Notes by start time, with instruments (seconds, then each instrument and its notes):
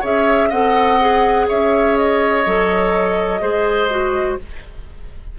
0.00 bassoon C#4, clarinet G#4, oboe C#5, flute E5
0.49 bassoon C4, clarinet A4, oboe D#5, flute F#5
1.00 clarinet G#4
1.48 bassoon C#4, oboe C#5, flute E5
1.97 flute D#5
2.46 bassoon F#3, clarinet A4
3.40 bassoon G#3, clarinet G#4, oboe C5
3.90 clarinet F#4